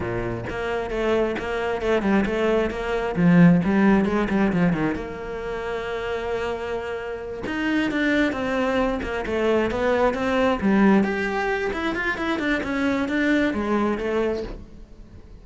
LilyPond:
\new Staff \with { instrumentName = "cello" } { \time 4/4 \tempo 4 = 133 ais,4 ais4 a4 ais4 | a8 g8 a4 ais4 f4 | g4 gis8 g8 f8 dis8 ais4~ | ais1~ |
ais8 dis'4 d'4 c'4. | ais8 a4 b4 c'4 g8~ | g8 g'4. e'8 f'8 e'8 d'8 | cis'4 d'4 gis4 a4 | }